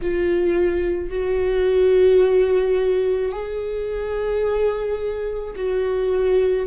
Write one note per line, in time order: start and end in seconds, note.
0.02 1.10 F4
1.10 3.31 F#4
3.31 5.54 G#4
5.56 6.67 F#4